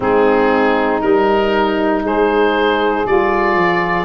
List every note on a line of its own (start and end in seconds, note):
0.00 1.01 G#3
0.00 1.00 C4
0.00 2.02 D#4
0.00 1.01 G#4
1.01 2.03 G3
1.01 3.04 D#4
1.01 2.02 A#4
2.03 3.04 G#3
2.03 4.04 G#4
2.03 3.07 C5
3.06 3.55 G3
3.06 4.04 F4
3.06 4.04 D5
3.55 4.04 F3